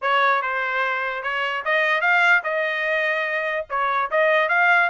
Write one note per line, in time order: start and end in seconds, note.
0.01 0.42 C#5
0.42 1.22 C5
1.22 1.63 C#5
1.65 2.01 D#5
2.01 2.42 F5
2.43 3.65 D#5
3.69 4.10 C#5
4.10 4.48 D#5
4.48 4.89 F5